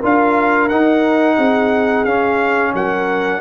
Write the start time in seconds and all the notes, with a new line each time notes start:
0.00 D4 F4 A#4 F5
0.69 D#4 F#5
1.37 C4 G#4
2.05 C#4 F5
2.74 F#3 A#4 F#5